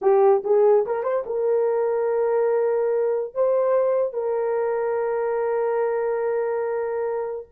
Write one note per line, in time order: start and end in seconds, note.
0.01 0.43 G4
0.43 0.85 G#4
0.85 1.03 A#4
1.03 1.23 C5
1.26 3.34 A#4
3.34 4.13 C5
4.13 7.46 A#4